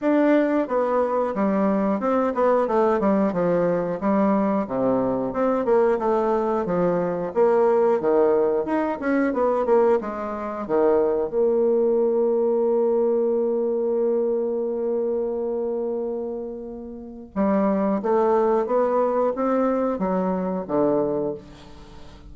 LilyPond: \new Staff \with { instrumentName = "bassoon" } { \time 4/4 \tempo 4 = 90 d'4 b4 g4 c'8 b8 | a8 g8 f4 g4 c4 | c'8 ais8 a4 f4 ais4 | dis4 dis'8 cis'8 b8 ais8 gis4 |
dis4 ais2.~ | ais1~ | ais2 g4 a4 | b4 c'4 fis4 d4 | }